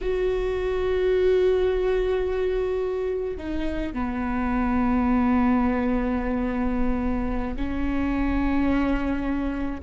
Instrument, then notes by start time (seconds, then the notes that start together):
viola
0.01 F#4
3.37 D#4
3.93 B3
7.56 C#4